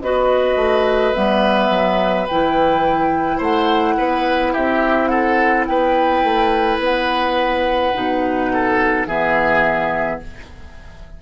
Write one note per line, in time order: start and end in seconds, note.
0.00 0.55 B3
0.00 1.13 F#4
0.00 3.37 B4
0.00 1.13 D#5
0.55 1.12 A3
1.13 1.70 G3
1.13 2.26 B3
1.13 2.26 E5
1.70 2.26 F#3
2.27 3.39 E3
2.27 7.94 E4
2.27 3.40 G5
3.37 3.96 A3
3.37 3.94 C5
3.37 4.54 F#5
3.97 4.54 B3
3.97 4.53 B4
4.53 5.67 C4
4.53 5.09 G4
4.53 5.08 E5
5.08 5.66 A4
5.08 5.64 F#5
5.66 6.23 B3
5.66 8.52 B4
5.66 6.79 G5
6.23 6.79 A3
6.79 7.92 B3
6.79 9.06 F#5
7.94 9.06 B2
7.94 9.07 D#4
8.53 9.07 A4
9.06 10.19 E3
9.06 10.21 B3
9.06 10.20 G#4
9.06 10.19 E5